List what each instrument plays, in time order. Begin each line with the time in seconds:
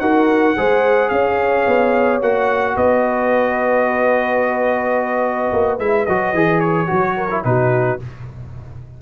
0.00 tuba D#4, trombone F#4, horn A#4, trumpet F#5
0.57 tuba G#3, trombone G#4, horn C5
1.09 tuba C#4, horn C#5, trumpet F5
1.67 tuba B3
2.22 tuba A#3, trombone F#4, trumpet F#5
2.76 tuba B3, horn B4, trumpet D#5
5.53 tuba A#3
5.79 tuba G#3, trombone E4, trumpet E5
6.06 tuba F#3, trombone F#4, trumpet D#5
6.33 tuba E3, trombone G#4
6.60 trumpet C#5
6.87 tuba F#3, trombone F#4
7.17 horn A#4
7.31 trombone E4
7.44 tuba B2, trombone D#4, horn F#4, trumpet B4